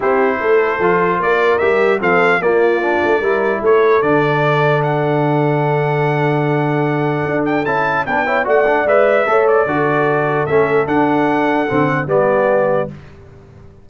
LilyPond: <<
  \new Staff \with { instrumentName = "trumpet" } { \time 4/4 \tempo 4 = 149 c''2. d''4 | e''4 f''4 d''2~ | d''4 cis''4 d''2 | fis''1~ |
fis''2~ fis''8 g''8 a''4 | g''4 fis''4 e''4. d''8~ | d''2 e''4 fis''4~ | fis''2 d''2 | }
  \new Staff \with { instrumentName = "horn" } { \time 4/4 g'4 a'2 ais'4~ | ais'4 a'4 f'2 | ais'4 a'2.~ | a'1~ |
a'1 | b'8 cis''8 d''2 cis''4 | a'1~ | a'2 g'2 | }
  \new Staff \with { instrumentName = "trombone" } { \time 4/4 e'2 f'2 | g'4 c'4 ais4 d'4 | e'2 d'2~ | d'1~ |
d'2. e'4 | d'8 e'8 fis'8 d'8 b'4 a'4 | fis'2 cis'4 d'4~ | d'4 c'4 b2 | }
  \new Staff \with { instrumentName = "tuba" } { \time 4/4 c'4 a4 f4 ais4 | g4 f4 ais4. a8 | g4 a4 d2~ | d1~ |
d2 d'4 cis'4 | b4 a4 gis4 a4 | d2 a4 d'4~ | d'4 d4 g2 | }
>>